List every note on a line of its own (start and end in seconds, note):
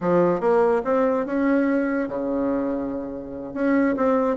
0.01 0.40 F3
0.40 0.82 A#3
0.84 1.26 C4
1.26 2.08 C#4
2.08 3.54 C#3
3.54 3.95 C#4
3.96 4.36 C4